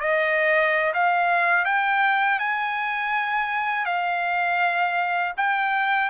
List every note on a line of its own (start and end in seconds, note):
0.00 0.93 D#5
0.94 1.65 F5
1.65 2.39 G5
2.39 3.85 G#5
3.85 5.33 F5
5.37 6.09 G5